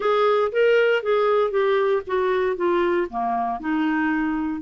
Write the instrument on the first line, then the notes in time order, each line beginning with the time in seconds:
clarinet
0.00 G#4
0.52 A#4
1.02 G#4
1.50 G4
2.06 F#4
2.56 F4
3.10 A#3
3.60 D#4